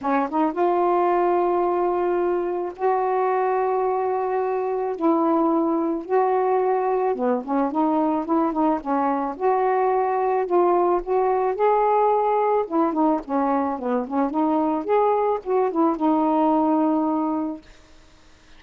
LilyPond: \new Staff \with { instrumentName = "saxophone" } { \time 4/4 \tempo 4 = 109 cis'8 dis'8 f'2.~ | f'4 fis'2.~ | fis'4 e'2 fis'4~ | fis'4 b8 cis'8 dis'4 e'8 dis'8 |
cis'4 fis'2 f'4 | fis'4 gis'2 e'8 dis'8 | cis'4 b8 cis'8 dis'4 gis'4 | fis'8 e'8 dis'2. | }